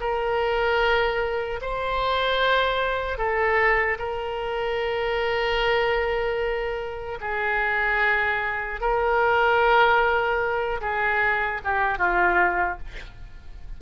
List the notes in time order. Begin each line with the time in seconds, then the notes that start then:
0.00 A#4
1.61 C5
3.18 A4
3.99 A#4
7.21 G#4
8.81 A#4
10.81 G#4
11.64 G4
11.98 F4